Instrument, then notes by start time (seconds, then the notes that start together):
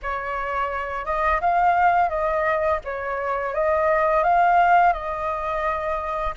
flute
0.02 C#5
1.05 D#5
1.41 F5
2.09 D#5
2.84 C#5
3.54 D#5
4.23 F5
4.92 D#5